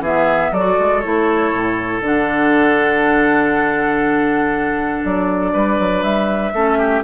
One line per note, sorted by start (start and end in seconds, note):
0.00 0.50 E3
0.00 0.55 B3
0.00 0.52 G#4
0.00 0.54 E5
0.52 0.77 F#3
0.52 1.03 F#4
0.52 5.52 A4
0.52 1.00 D5
0.79 1.04 G#3
1.00 1.53 A3
1.00 2.02 E4
1.00 2.00 C#5
1.53 2.01 A2
2.01 5.01 D3
2.01 6.52 D4
2.01 5.05 F#5
5.05 5.54 F#3
5.05 6.03 D5
5.53 5.79 G3
5.53 6.53 B4
5.79 6.03 F#3
6.03 6.52 G3
6.03 7.03 E5
6.53 7.03 A3
6.53 7.04 C#4
6.53 6.78 A4
6.78 7.03 G4